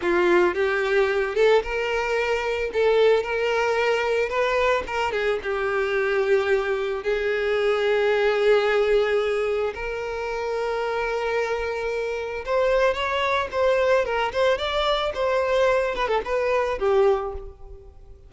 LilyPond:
\new Staff \with { instrumentName = "violin" } { \time 4/4 \tempo 4 = 111 f'4 g'4. a'8 ais'4~ | ais'4 a'4 ais'2 | b'4 ais'8 gis'8 g'2~ | g'4 gis'2.~ |
gis'2 ais'2~ | ais'2. c''4 | cis''4 c''4 ais'8 c''8 d''4 | c''4. b'16 a'16 b'4 g'4 | }